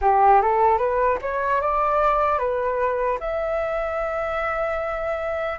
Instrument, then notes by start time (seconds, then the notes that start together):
flute
0.01 G4
0.41 A4
0.78 B4
1.21 C#5
1.61 D5
2.38 B4
3.20 E5